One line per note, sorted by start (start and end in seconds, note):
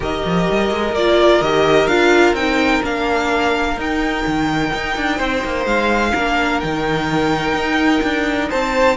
0.00 0.22 D#3
0.00 0.93 G4
0.00 5.17 A#4
0.00 0.95 D#5
0.25 0.48 F3
0.50 0.70 G3
0.70 0.92 G#3
0.92 1.39 A#3
0.92 1.43 F4
0.92 1.41 D5
1.41 1.87 D#3
1.41 1.89 G4
1.41 1.87 D#5
1.87 2.33 D4
1.87 2.36 F4
1.87 2.34 F5
2.33 2.80 C4
2.33 2.82 D#4
2.33 2.82 G5
2.82 3.77 A#3
2.82 3.77 D4
2.82 3.79 F5
3.77 4.24 D#4
3.77 6.15 D#4
3.77 5.66 G5
4.26 4.73 D#3
4.74 4.97 D#4
4.97 5.20 D4
5.17 5.43 C4
5.17 6.11 C5
5.44 5.65 A#3
5.65 6.13 G#3
5.65 6.60 F5
6.14 6.62 A#3
6.14 6.62 D4
6.14 8.49 A#4
6.60 7.53 D#3
6.60 8.96 D#4
6.60 8.49 G5
7.53 8.00 D#4
8.03 8.50 D4
8.49 8.96 C4
8.49 8.96 C5
8.49 8.96 A5